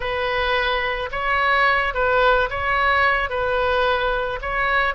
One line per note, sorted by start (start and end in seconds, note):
0.00 1.09 B4
1.11 1.94 C#5
1.94 2.49 B4
2.49 3.29 C#5
3.29 4.39 B4
4.41 4.94 C#5